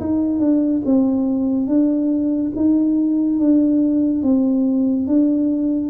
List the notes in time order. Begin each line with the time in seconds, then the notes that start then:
0.00 D#4
0.39 D4
0.85 C4
1.67 D4
2.55 D#4
3.39 D4
4.22 C4
5.07 D4